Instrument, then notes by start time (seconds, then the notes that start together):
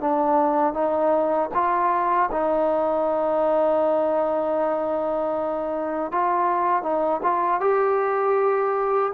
trombone
0.00 D4
0.74 D#4
1.54 F4
2.32 D#4
6.11 F4
6.83 D#4
7.23 F4
7.60 G4